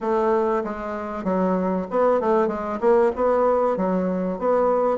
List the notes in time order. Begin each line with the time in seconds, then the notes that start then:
0.00 A3
0.64 G#3
1.24 F#3
1.90 B3
2.20 A3
2.47 G#3
2.80 A#3
3.15 B3
3.77 F#3
4.38 B3